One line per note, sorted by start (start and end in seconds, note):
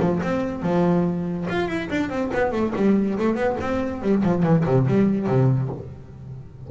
0.00 0.21 F3
0.23 0.62 C4
0.62 1.47 F3
1.49 1.68 F4
1.68 1.89 E4
1.90 2.10 D4
2.10 2.31 C4
2.33 2.52 B3
2.52 2.73 A3
2.76 3.18 G3
3.19 3.35 A3
3.35 3.56 B3
3.60 4.02 C4
4.02 4.23 G3
4.23 4.43 F3
4.43 4.64 E3
4.66 4.87 C3
4.87 5.27 G3
5.27 5.69 C3